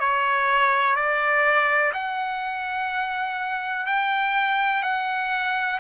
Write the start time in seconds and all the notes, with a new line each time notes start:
0.00 C#5
0.96 D5
1.94 F#5
3.87 G5
4.83 F#5